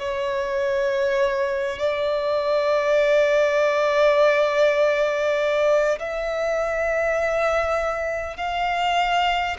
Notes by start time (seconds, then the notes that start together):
0.00 C#5
1.79 D5
5.99 E5
8.37 F5